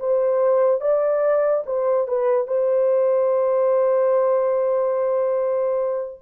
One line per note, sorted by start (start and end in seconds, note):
0.00 0.81 C5
0.81 1.64 D5
1.66 2.08 C5
2.08 2.48 B4
2.48 6.22 C5